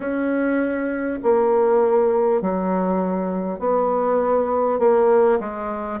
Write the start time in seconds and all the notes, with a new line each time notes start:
0.00 C#4
1.22 A#3
2.41 F#3
3.59 B3
4.79 A#3
5.39 G#3